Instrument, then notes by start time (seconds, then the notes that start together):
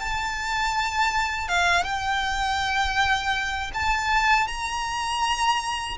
violin
0.00 A5
1.48 F5
1.84 G5
3.74 A5
4.48 A#5